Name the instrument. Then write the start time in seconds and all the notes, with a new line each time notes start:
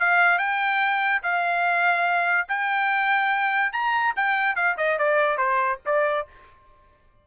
trumpet
0.00 F5
0.39 G5
1.23 F5
2.49 G5
3.73 A#5
4.17 G5
4.56 F5
4.78 D#5
4.99 D5
5.38 C5
5.86 D5